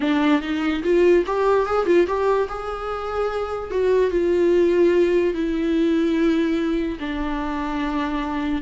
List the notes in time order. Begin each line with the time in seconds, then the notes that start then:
0.00 D4
0.41 D#4
0.83 F4
1.26 G4
1.66 G#4
1.86 F4
2.06 G4
2.48 G#4
3.71 F#4
4.10 F4
5.34 E4
6.99 D4